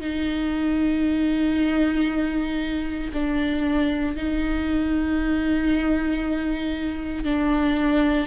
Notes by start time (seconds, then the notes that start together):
0.00 D#4
3.13 D4
4.16 D#4
7.24 D4